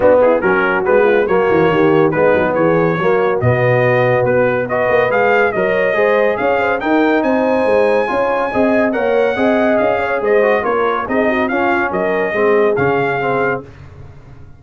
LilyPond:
<<
  \new Staff \with { instrumentName = "trumpet" } { \time 4/4 \tempo 4 = 141 fis'8 gis'8 ais'4 b'4 cis''4~ | cis''4 b'4 cis''2 | dis''2 b'4 dis''4 | f''4 dis''2 f''4 |
g''4 gis''2.~ | gis''4 fis''2 f''4 | dis''4 cis''4 dis''4 f''4 | dis''2 f''2 | }
  \new Staff \with { instrumentName = "horn" } { \time 4/4 d'8 e'8 fis'4. f'8 fis'4 | g'4 dis'4 gis'4 fis'4~ | fis'2. b'4~ | b'4 cis''4 c''4 cis''8 c''8 |
ais'4 c''2 cis''4 | dis''4 cis''4 dis''4. cis''8 | c''4 ais'4 gis'8 fis'8 f'4 | ais'4 gis'2. | }
  \new Staff \with { instrumentName = "trombone" } { \time 4/4 b4 cis'4 b4 ais4~ | ais4 b2 ais4 | b2. fis'4 | gis'4 ais'4 gis'2 |
dis'2. f'4 | gis'4 ais'4 gis'2~ | gis'8 fis'8 f'4 dis'4 cis'4~ | cis'4 c'4 cis'4 c'4 | }
  \new Staff \with { instrumentName = "tuba" } { \time 4/4 b4 fis4 gis4 fis8 e8 | dis4 gis8 fis8 e4 fis4 | b,2 b4. ais8 | gis4 fis4 gis4 cis'4 |
dis'4 c'4 gis4 cis'4 | c'4 ais4 c'4 cis'4 | gis4 ais4 c'4 cis'4 | fis4 gis4 cis2 | }
>>